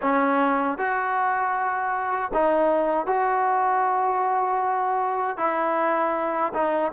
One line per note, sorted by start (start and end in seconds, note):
0.01 0.77 C#4
0.77 2.31 F#4
2.33 3.06 D#4
3.06 5.37 F#4
5.37 6.52 E4
6.53 6.92 D#4